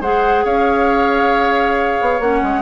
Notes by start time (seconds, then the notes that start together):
0.00 G#3 G#4 C5 F#5
0.44 C#4 C#5 F5
2.01 B3
2.19 A#3 C#4 F#5
2.42 G#3